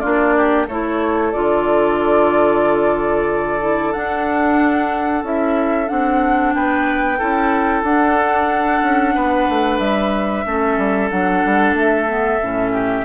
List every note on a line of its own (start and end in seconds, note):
0.00 0.67 A#3
0.00 0.68 D4
0.00 0.34 F4
0.00 0.65 D5
0.38 0.67 G4
0.67 1.32 A3
0.67 1.33 E4
0.67 6.54 A4
0.67 1.33 C#5
1.33 3.95 D3
1.33 3.61 F4
1.33 3.93 D5
3.61 3.93 E4
3.93 5.23 D4
3.93 5.24 D4
3.93 5.24 F#5
5.23 5.89 C#4
5.23 5.87 E4
5.23 5.89 E5
5.87 6.55 C4
5.87 7.18 D4
5.87 6.54 F#5
6.55 7.21 B3
6.55 7.19 B4
6.55 7.84 G5
7.19 7.83 C#4
7.19 7.85 E4
7.19 9.15 A4
7.83 8.81 D4
7.83 10.46 D4
7.83 9.79 F#5
8.82 9.15 C#4
9.15 9.48 B3
9.15 10.46 B4
9.49 9.79 A3
9.79 10.45 G3
9.79 11.10 E5
10.46 10.78 A3
10.46 11.11 C#4
10.46 12.72 A4
10.78 11.11 G3
11.10 11.45 F#3
11.10 12.08 D4
11.10 11.75 F#5
11.45 11.74 G3
11.74 12.39 A3
11.74 13.05 E5
12.08 12.40 B3
12.42 13.05 A2
12.42 13.05 C#4
12.72 13.05 G4